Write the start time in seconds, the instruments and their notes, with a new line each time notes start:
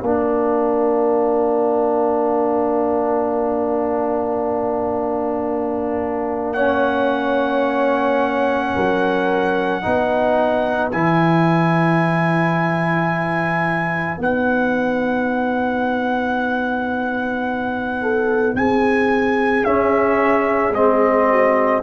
0.00 tuba A#3, trombone D4, horn A#4, trumpet F5
6.53 trombone C#4, horn C#5, trumpet F#5
8.75 tuba F#3, horn A#4
9.82 tuba B3, trombone D#4, horn B4
10.91 tuba E3, trombone E4, trumpet G#5
14.18 tuba B3, trombone D#4, trumpet F#5
18.02 horn A4
18.55 tuba C4, horn G#4, trumpet G#5
19.64 trombone C#4, tuba C#4, trumpet E5
20.72 tuba G#3, trombone C4, trumpet D#5
21.30 horn F#4